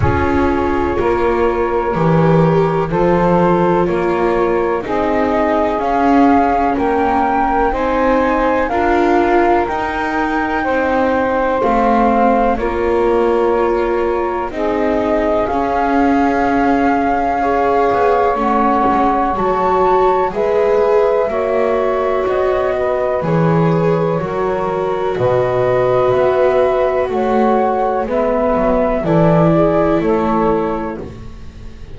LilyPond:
<<
  \new Staff \with { instrumentName = "flute" } { \time 4/4 \tempo 4 = 62 cis''2. c''4 | cis''4 dis''4 f''4 g''4 | gis''4 f''4 g''2 | f''4 cis''2 dis''4 |
f''2. fis''4 | a''4 e''2 dis''4 | cis''2 dis''4 e''4 | fis''4 e''4 d''4 cis''4 | }
  \new Staff \with { instrumentName = "saxophone" } { \time 4/4 gis'4 ais'2 a'4 | ais'4 gis'2 ais'4 | c''4 ais'2 c''4~ | c''4 ais'2 gis'4~ |
gis'2 cis''2~ | cis''4 b'4 cis''4. b'8~ | b'4 ais'4 b'2 | cis''4 b'4 a'8 gis'8 a'4 | }
  \new Staff \with { instrumentName = "viola" } { \time 4/4 f'2 g'4 f'4~ | f'4 dis'4 cis'2 | dis'4 f'4 dis'2 | c'4 f'2 dis'4 |
cis'2 gis'4 cis'4 | fis'4 gis'4 fis'2 | gis'4 fis'2.~ | fis'4 b4 e'2 | }
  \new Staff \with { instrumentName = "double bass" } { \time 4/4 cis'4 ais4 e4 f4 | ais4 c'4 cis'4 ais4 | c'4 d'4 dis'4 c'4 | a4 ais2 c'4 |
cis'2~ cis'8 b8 a8 gis8 | fis4 gis4 ais4 b4 | e4 fis4 b,4 b4 | a4 gis8 fis8 e4 a4 | }
>>